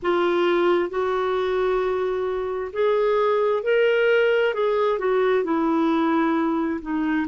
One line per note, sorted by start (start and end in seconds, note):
0.02 0.89 F4
0.89 2.71 F#4
2.73 3.63 G#4
3.63 4.54 A#4
4.54 4.98 G#4
4.98 5.44 F#4
5.44 6.80 E4
6.81 7.26 D#4